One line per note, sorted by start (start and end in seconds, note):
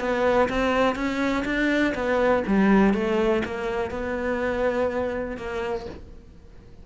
0.00 0.49 B3
0.49 0.96 C4
0.96 1.44 C#4
1.45 1.94 D4
1.95 2.43 B3
2.47 2.94 G3
2.94 3.43 A3
3.45 3.91 A#3
3.91 5.37 B3
5.37 5.86 A#3